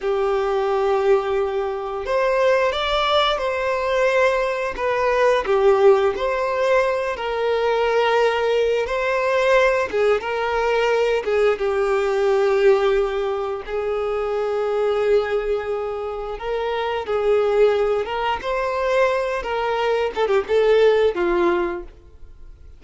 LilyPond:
\new Staff \with { instrumentName = "violin" } { \time 4/4 \tempo 4 = 88 g'2. c''4 | d''4 c''2 b'4 | g'4 c''4. ais'4.~ | ais'4 c''4. gis'8 ais'4~ |
ais'8 gis'8 g'2. | gis'1 | ais'4 gis'4. ais'8 c''4~ | c''8 ais'4 a'16 g'16 a'4 f'4 | }